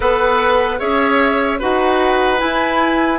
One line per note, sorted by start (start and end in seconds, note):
0.00 0.80 B3
0.00 0.78 A4
0.00 0.79 B4
0.00 0.79 F#5
0.78 1.60 C#4
0.78 1.58 G#4
0.78 1.59 C#5
0.78 1.59 E5
1.59 2.42 D#4
1.59 2.38 F#4
1.59 3.19 B4
1.59 2.39 F#5
2.38 3.18 E4
2.38 3.19 E4
2.38 3.19 G#5